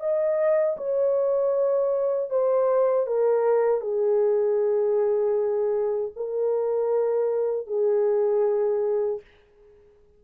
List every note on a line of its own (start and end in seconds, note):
0.00 0.77 D#5
0.77 2.30 C#5
2.30 3.07 C5
3.07 3.81 A#4
3.81 6.12 G#4
6.16 7.67 A#4
7.67 9.21 G#4